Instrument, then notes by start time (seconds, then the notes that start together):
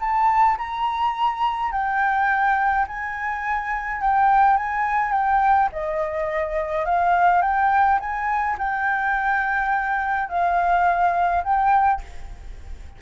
flute
0.00 A5
0.58 A#5
1.72 G5
2.87 G#5
4.01 G5
4.57 G#5
5.12 G5
5.72 D#5
6.85 F5
7.42 G5
8.00 G#5
8.58 G5
10.29 F5
11.44 G5